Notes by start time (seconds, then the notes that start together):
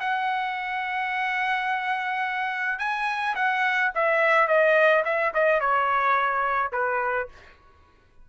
0.00 F#5
2.79 G#5
3.35 F#5
3.95 E5
4.48 D#5
5.05 E5
5.34 D#5
5.60 C#5
6.72 B4